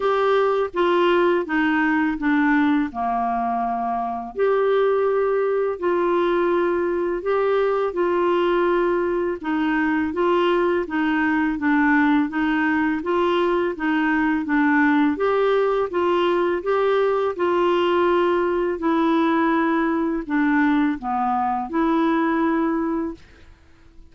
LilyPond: \new Staff \with { instrumentName = "clarinet" } { \time 4/4 \tempo 4 = 83 g'4 f'4 dis'4 d'4 | ais2 g'2 | f'2 g'4 f'4~ | f'4 dis'4 f'4 dis'4 |
d'4 dis'4 f'4 dis'4 | d'4 g'4 f'4 g'4 | f'2 e'2 | d'4 b4 e'2 | }